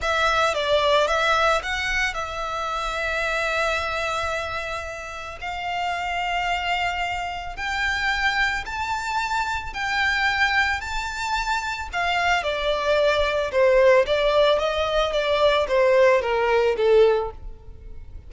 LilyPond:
\new Staff \with { instrumentName = "violin" } { \time 4/4 \tempo 4 = 111 e''4 d''4 e''4 fis''4 | e''1~ | e''2 f''2~ | f''2 g''2 |
a''2 g''2 | a''2 f''4 d''4~ | d''4 c''4 d''4 dis''4 | d''4 c''4 ais'4 a'4 | }